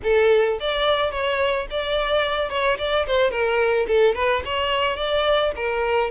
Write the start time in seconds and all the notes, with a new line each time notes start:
0.03 A4
0.60 D5
1.11 C#5
1.70 D5
2.49 C#5
2.78 D5
3.06 C5
3.31 A#4
3.87 A4
4.15 B4
4.45 C#5
4.96 D5
5.56 A#4